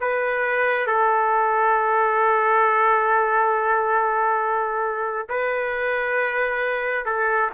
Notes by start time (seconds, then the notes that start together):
0.00 B4
0.86 A4
5.29 B4
7.05 A4